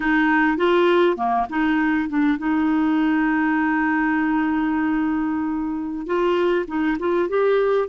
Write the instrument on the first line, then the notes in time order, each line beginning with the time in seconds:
clarinet
0.00 D#4
0.57 F4
1.16 A#3
1.49 D#4
2.09 D4
2.38 D#4
6.06 F4
6.67 D#4
6.99 F4
7.29 G4